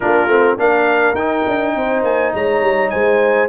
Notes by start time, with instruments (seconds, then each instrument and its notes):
0.00 tuba A#3, trombone D4, horn F4, trumpet A#4
0.26 tuba A3, trombone C4
0.58 tuba A#3, trombone D4, horn A#4, trumpet F5
1.14 tuba D#4, trombone D#4, trumpet G5
1.46 tuba D4
1.75 tuba C4, horn C5
2.03 tuba A#3, trumpet G#5
2.34 tuba G#3, horn C#5, trumpet A#5
2.61 tuba G3
2.90 tuba G#3, horn C5, trumpet G#5